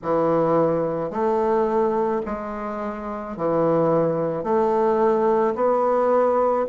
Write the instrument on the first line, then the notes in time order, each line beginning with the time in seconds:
bassoon
0.02 E3
1.10 A3
2.25 G#3
3.36 E3
4.43 A3
5.55 B3